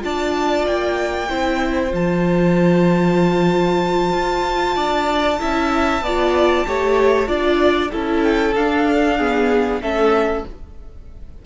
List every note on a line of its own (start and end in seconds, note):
0.00 0.66 D4
0.00 1.26 F4
0.00 1.29 D5
0.00 0.66 A5
0.66 1.29 A#3
0.66 1.93 G5
1.29 1.93 C4
1.29 1.91 E4
1.29 4.76 C5
1.91 4.13 F3
1.91 5.38 F4
1.91 8.23 A5
4.13 4.76 F4
4.76 5.39 D4
4.76 5.39 D5
5.38 6.01 C#4
5.38 6.01 E4
5.38 6.03 E5
6.01 6.65 B3
6.01 6.67 D5
6.07 6.67 F4
6.67 7.28 A3
6.67 7.27 G4
6.67 7.28 C#5
7.27 7.91 D4
7.27 7.90 F4
7.27 7.91 D5
7.92 8.56 C#4
7.92 8.55 E4
7.92 9.18 A4
8.23 8.54 G5
8.55 9.81 D4
8.55 9.19 D4
8.55 9.82 F5
9.18 9.82 B3
9.18 9.81 G#4
9.81 10.44 A3
9.81 10.46 C#4
9.81 10.46 A4
9.81 10.45 E5